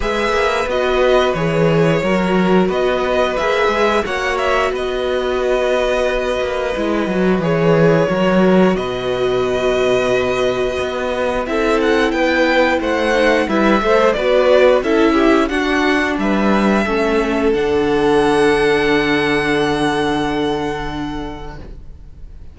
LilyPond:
<<
  \new Staff \with { instrumentName = "violin" } { \time 4/4 \tempo 4 = 89 e''4 dis''4 cis''2 | dis''4 e''4 fis''8 e''8 dis''4~ | dis''2. cis''4~ | cis''4 dis''2.~ |
dis''4 e''8 fis''8 g''4 fis''4 | e''4 d''4 e''4 fis''4 | e''2 fis''2~ | fis''1 | }
  \new Staff \with { instrumentName = "violin" } { \time 4/4 b'2. ais'4 | b'2 cis''4 b'4~ | b'1 | ais'4 b'2.~ |
b'4 a'4 b'4 c''4 | b'8 c''8 b'4 a'8 g'8 fis'4 | b'4 a'2.~ | a'1 | }
  \new Staff \with { instrumentName = "viola" } { \time 4/4 gis'4 fis'4 gis'4 fis'4~ | fis'4 gis'4 fis'2~ | fis'2 e'8 fis'8 gis'4 | fis'1~ |
fis'4 e'2~ e'8 dis'8 | e'8 a'8 fis'4 e'4 d'4~ | d'4 cis'4 d'2~ | d'1 | }
  \new Staff \with { instrumentName = "cello" } { \time 4/4 gis8 ais8 b4 e4 fis4 | b4 ais8 gis8 ais4 b4~ | b4. ais8 gis8 fis8 e4 | fis4 b,2. |
b4 c'4 b4 a4 | g8 a8 b4 cis'4 d'4 | g4 a4 d2~ | d1 | }
>>